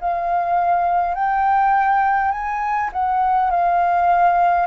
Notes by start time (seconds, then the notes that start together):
0.00 F5
1.14 G5
2.32 G#5
2.93 F#5
3.50 F5